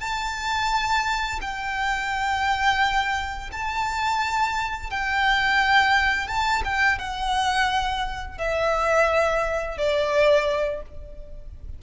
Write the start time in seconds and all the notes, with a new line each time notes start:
0.00 A5
1.41 G5
3.52 A5
4.90 G5
6.28 A5
6.64 G5
6.99 F#5
8.38 E5
9.78 D5